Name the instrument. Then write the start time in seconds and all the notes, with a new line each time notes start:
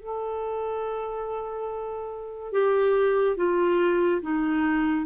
clarinet
0.00 A4
2.53 G4
3.37 F4
4.22 D#4